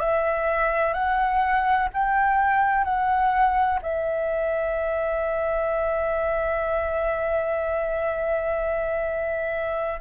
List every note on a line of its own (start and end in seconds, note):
0.00 0.94 E5
0.94 1.89 F#5
1.94 2.84 G5
2.84 3.79 F#5
3.82 10.00 E5